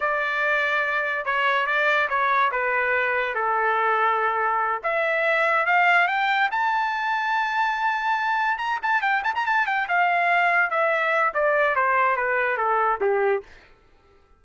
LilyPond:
\new Staff \with { instrumentName = "trumpet" } { \time 4/4 \tempo 4 = 143 d''2. cis''4 | d''4 cis''4 b'2 | a'2.~ a'8 e''8~ | e''4. f''4 g''4 a''8~ |
a''1~ | a''8 ais''8 a''8 g''8 a''16 ais''16 a''8 g''8 f''8~ | f''4. e''4. d''4 | c''4 b'4 a'4 g'4 | }